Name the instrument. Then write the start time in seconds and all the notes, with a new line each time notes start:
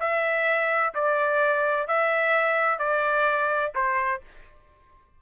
trumpet
0.00 E5
0.94 D5
1.88 E5
2.79 D5
3.75 C5